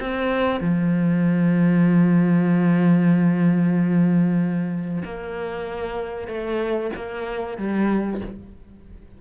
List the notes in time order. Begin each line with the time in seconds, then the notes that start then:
0.00 C4
0.61 F3
5.04 A#3
6.28 A3
6.96 A#3
7.58 G3